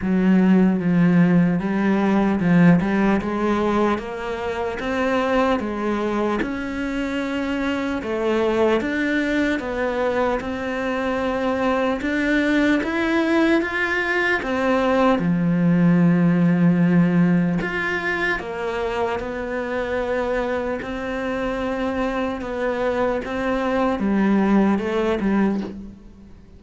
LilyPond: \new Staff \with { instrumentName = "cello" } { \time 4/4 \tempo 4 = 75 fis4 f4 g4 f8 g8 | gis4 ais4 c'4 gis4 | cis'2 a4 d'4 | b4 c'2 d'4 |
e'4 f'4 c'4 f4~ | f2 f'4 ais4 | b2 c'2 | b4 c'4 g4 a8 g8 | }